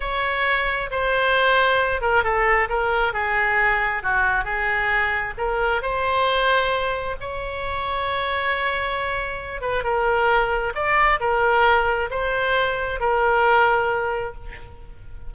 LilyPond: \new Staff \with { instrumentName = "oboe" } { \time 4/4 \tempo 4 = 134 cis''2 c''2~ | c''8 ais'8 a'4 ais'4 gis'4~ | gis'4 fis'4 gis'2 | ais'4 c''2. |
cis''1~ | cis''4. b'8 ais'2 | d''4 ais'2 c''4~ | c''4 ais'2. | }